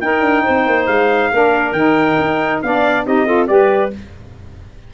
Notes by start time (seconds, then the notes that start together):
0.00 D#4 A#4 G5
0.20 D4
0.43 C4 C5
0.66 A#3
0.86 G#3 F5
1.32 A#3 D4 A#4
1.72 D#3 D#4 G5
2.18 D#4
2.62 B3 D4 D5 F5
3.06 C4 D#4 G4 D#5
3.26 F4 A4
3.46 G3 G4 B4 D5